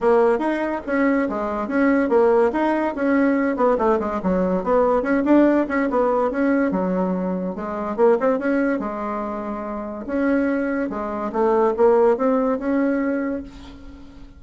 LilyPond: \new Staff \with { instrumentName = "bassoon" } { \time 4/4 \tempo 4 = 143 ais4 dis'4 cis'4 gis4 | cis'4 ais4 dis'4 cis'4~ | cis'8 b8 a8 gis8 fis4 b4 | cis'8 d'4 cis'8 b4 cis'4 |
fis2 gis4 ais8 c'8 | cis'4 gis2. | cis'2 gis4 a4 | ais4 c'4 cis'2 | }